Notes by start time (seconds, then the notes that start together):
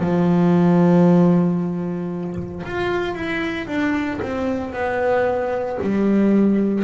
0.00 F3
2.66 F4
3.15 E4
3.67 D4
4.22 C4
4.73 B3
5.83 G3